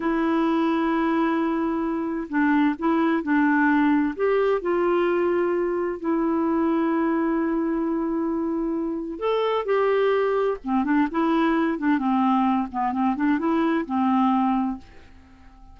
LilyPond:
\new Staff \with { instrumentName = "clarinet" } { \time 4/4 \tempo 4 = 130 e'1~ | e'4 d'4 e'4 d'4~ | d'4 g'4 f'2~ | f'4 e'2.~ |
e'1 | a'4 g'2 c'8 d'8 | e'4. d'8 c'4. b8 | c'8 d'8 e'4 c'2 | }